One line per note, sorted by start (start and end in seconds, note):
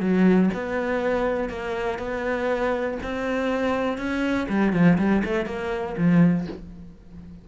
0.00 0.50 F#3
0.54 1.49 B3
1.49 1.98 A#3
1.98 2.98 B3
3.03 3.98 C4
3.98 4.47 C#4
4.49 4.73 G3
4.73 4.98 F3
4.98 5.23 G3
5.24 5.46 A3
5.46 5.95 A#3
5.97 6.47 F3